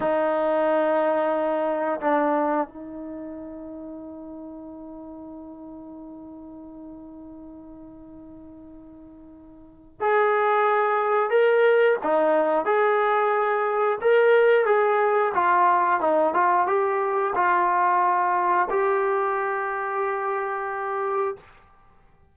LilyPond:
\new Staff \with { instrumentName = "trombone" } { \time 4/4 \tempo 4 = 90 dis'2. d'4 | dis'1~ | dis'1~ | dis'2. gis'4~ |
gis'4 ais'4 dis'4 gis'4~ | gis'4 ais'4 gis'4 f'4 | dis'8 f'8 g'4 f'2 | g'1 | }